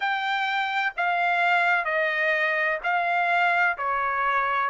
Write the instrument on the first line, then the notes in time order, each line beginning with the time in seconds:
trumpet
0.00 G5
0.96 F5
1.85 D#5
2.83 F5
3.78 C#5